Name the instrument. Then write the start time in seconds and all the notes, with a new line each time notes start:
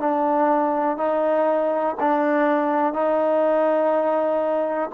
trombone
0.00 D4
0.97 D#4
2.00 D4
2.94 D#4